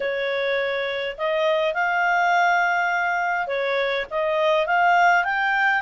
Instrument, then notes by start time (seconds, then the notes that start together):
clarinet
0.00 C#5
1.17 D#5
1.74 F5
3.47 C#5
4.10 D#5
4.66 F5
5.24 G5